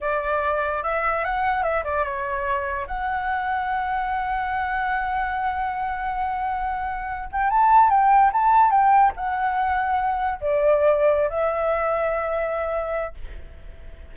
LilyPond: \new Staff \with { instrumentName = "flute" } { \time 4/4 \tempo 4 = 146 d''2 e''4 fis''4 | e''8 d''8 cis''2 fis''4~ | fis''1~ | fis''1~ |
fis''4.~ fis''16 g''8 a''4 g''8.~ | g''16 a''4 g''4 fis''4.~ fis''16~ | fis''4~ fis''16 d''2~ d''16 e''8~ | e''1 | }